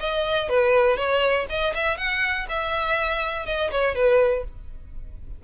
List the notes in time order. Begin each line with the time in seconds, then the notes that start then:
0.00 D#5
0.49 B4
0.97 C#5
1.50 D#5
1.75 E5
1.98 F#5
2.49 E5
3.46 D#5
3.71 C#5
3.95 B4